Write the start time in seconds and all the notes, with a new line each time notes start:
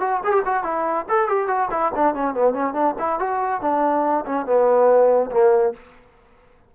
0.00 F#4
0.24 G#4
0.32 G4
0.45 F#4
0.64 E4
1.09 A4
1.29 G4
1.48 F#4
1.71 E4
1.96 D4
2.15 C#4
2.35 B3
2.54 C#4
2.74 D4
2.99 E4
3.19 F#4
3.61 D4
4.26 C#4
4.46 B3
5.31 A#3